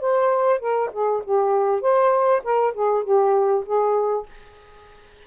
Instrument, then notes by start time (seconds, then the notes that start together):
saxophone
0.00 C5
0.60 A#4
0.92 G#4
1.24 G4
1.81 C5
2.43 A#4
2.74 G#4
3.04 G4
3.65 G#4